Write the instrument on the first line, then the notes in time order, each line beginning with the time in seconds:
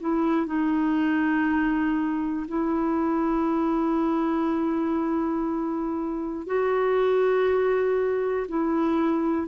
clarinet
0.00 E4
0.46 D#4
2.47 E4
6.46 F#4
8.48 E4